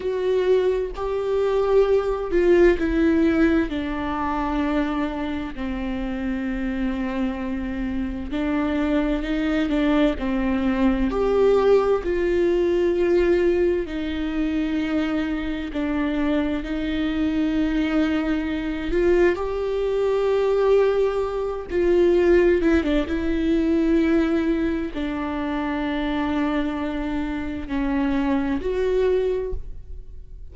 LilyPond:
\new Staff \with { instrumentName = "viola" } { \time 4/4 \tempo 4 = 65 fis'4 g'4. f'8 e'4 | d'2 c'2~ | c'4 d'4 dis'8 d'8 c'4 | g'4 f'2 dis'4~ |
dis'4 d'4 dis'2~ | dis'8 f'8 g'2~ g'8 f'8~ | f'8 e'16 d'16 e'2 d'4~ | d'2 cis'4 fis'4 | }